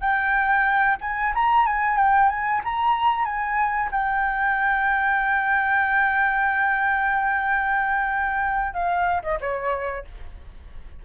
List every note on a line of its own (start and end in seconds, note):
0.00 0.97 G5
1.01 1.33 G#5
1.34 1.66 A#5
1.66 1.97 G#5
1.97 2.29 G5
2.29 2.61 G#5
2.64 3.25 A#5
3.25 3.89 G#5
3.91 8.74 G5
8.74 9.22 F5
9.22 9.38 D#5
9.40 10.05 C#5